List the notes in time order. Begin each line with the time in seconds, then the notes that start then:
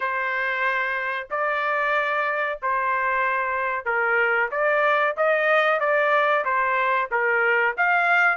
0.00 C5
1.30 D5
2.62 C5
3.85 A#4
4.51 D5
5.16 D#5
5.79 D5
6.44 C5
7.11 A#4
7.77 F5